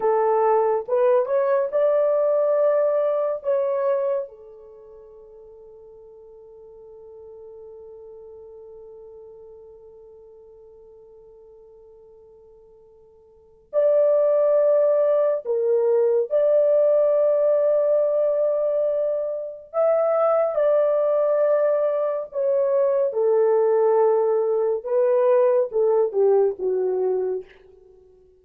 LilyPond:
\new Staff \with { instrumentName = "horn" } { \time 4/4 \tempo 4 = 70 a'4 b'8 cis''8 d''2 | cis''4 a'2.~ | a'1~ | a'1 |
d''2 ais'4 d''4~ | d''2. e''4 | d''2 cis''4 a'4~ | a'4 b'4 a'8 g'8 fis'4 | }